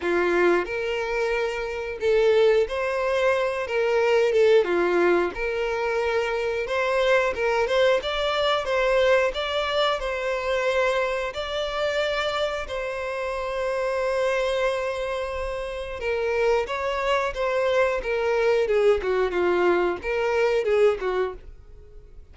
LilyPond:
\new Staff \with { instrumentName = "violin" } { \time 4/4 \tempo 4 = 90 f'4 ais'2 a'4 | c''4. ais'4 a'8 f'4 | ais'2 c''4 ais'8 c''8 | d''4 c''4 d''4 c''4~ |
c''4 d''2 c''4~ | c''1 | ais'4 cis''4 c''4 ais'4 | gis'8 fis'8 f'4 ais'4 gis'8 fis'8 | }